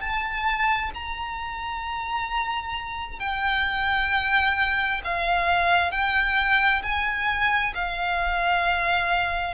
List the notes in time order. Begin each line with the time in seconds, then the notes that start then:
0.00 A5
0.94 A#5
3.19 G5
5.04 F5
5.91 G5
6.82 G#5
7.74 F5